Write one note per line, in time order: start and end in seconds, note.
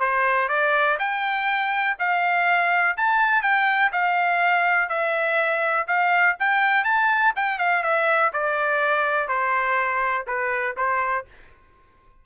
0.00 0.49 C5
0.49 0.98 D5
0.99 1.97 G5
1.99 2.97 F5
2.97 3.42 A5
3.42 3.91 G5
3.92 4.89 F5
4.89 5.87 E5
5.88 6.37 F5
6.39 6.84 G5
6.84 7.33 A5
7.36 7.59 G5
7.59 7.83 F5
7.83 8.32 E5
8.33 9.28 D5
9.28 10.26 C5
10.27 10.76 B4
10.77 11.26 C5